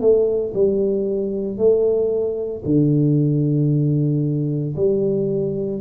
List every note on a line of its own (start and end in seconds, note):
0.00 0.53 A3
0.54 1.57 G3
1.57 2.63 A3
2.65 4.75 D3
4.76 5.81 G3